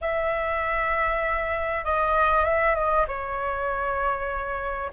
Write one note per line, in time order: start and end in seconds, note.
0.01 1.84 E5
1.84 2.45 D#5
2.45 2.75 E5
2.75 3.05 D#5
3.07 4.91 C#5